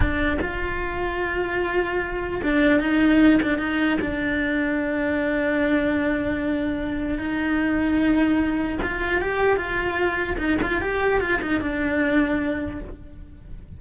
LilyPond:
\new Staff \with { instrumentName = "cello" } { \time 4/4 \tempo 4 = 150 d'4 f'2.~ | f'2 d'4 dis'4~ | dis'8 d'8 dis'4 d'2~ | d'1~ |
d'2 dis'2~ | dis'2 f'4 g'4 | f'2 dis'8 f'8 g'4 | f'8 dis'8 d'2. | }